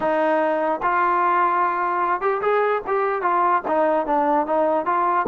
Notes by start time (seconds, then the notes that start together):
0.00 D#4
0.82 F4
2.21 G4
2.41 G#4
2.87 G4
3.22 F4
3.67 D#4
4.06 D4
4.46 D#4
4.85 F4